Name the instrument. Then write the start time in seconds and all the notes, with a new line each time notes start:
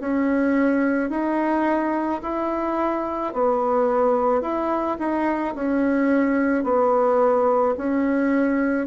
bassoon
0.00 C#4
1.10 D#4
2.22 E4
3.33 B3
4.41 E4
4.99 D#4
5.55 C#4
6.64 B3
7.77 C#4